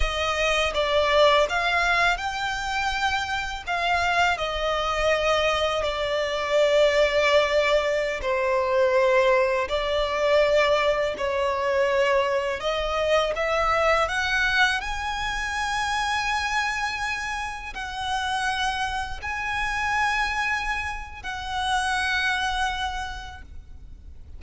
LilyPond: \new Staff \with { instrumentName = "violin" } { \time 4/4 \tempo 4 = 82 dis''4 d''4 f''4 g''4~ | g''4 f''4 dis''2 | d''2.~ d''16 c''8.~ | c''4~ c''16 d''2 cis''8.~ |
cis''4~ cis''16 dis''4 e''4 fis''8.~ | fis''16 gis''2.~ gis''8.~ | gis''16 fis''2 gis''4.~ gis''16~ | gis''4 fis''2. | }